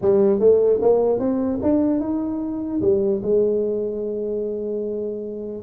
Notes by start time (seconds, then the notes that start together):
0.01 G3
0.39 A3
0.81 A#3
1.19 C4
1.62 D4
2.00 D#4
2.81 G3
3.22 G#3